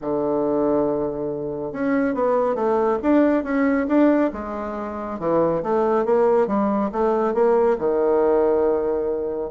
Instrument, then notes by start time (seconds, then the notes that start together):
bassoon
0.01 D3
1.72 C#4
2.14 B3
2.55 A3
3.02 D4
3.43 C#4
3.87 D4
4.32 G#3
5.19 E3
5.62 A3
6.05 A#3
6.47 G3
6.92 A3
7.33 A#3
7.78 D#3